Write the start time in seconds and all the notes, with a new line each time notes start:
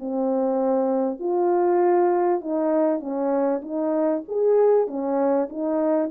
0.00 C4
1.20 F4
2.41 D#4
3.00 C#4
3.62 D#4
4.29 G#4
4.88 C#4
5.50 D#4